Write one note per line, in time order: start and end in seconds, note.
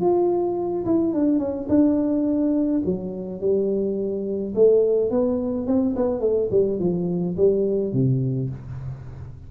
0.00 0.85 F4
0.85 1.13 E4
1.13 1.38 D4
1.38 1.67 C#4
1.69 2.82 D4
2.85 3.40 F#3
3.40 4.53 G3
4.54 5.10 A3
5.10 5.66 B3
5.66 5.95 C4
5.96 6.20 B3
6.20 6.48 A3
6.50 6.79 G3
6.79 7.36 F3
7.36 7.93 G3
7.93 8.49 C3